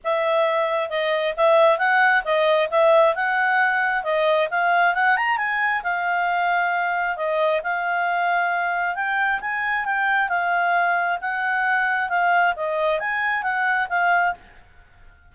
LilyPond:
\new Staff \with { instrumentName = "clarinet" } { \time 4/4 \tempo 4 = 134 e''2 dis''4 e''4 | fis''4 dis''4 e''4 fis''4~ | fis''4 dis''4 f''4 fis''8 ais''8 | gis''4 f''2. |
dis''4 f''2. | g''4 gis''4 g''4 f''4~ | f''4 fis''2 f''4 | dis''4 gis''4 fis''4 f''4 | }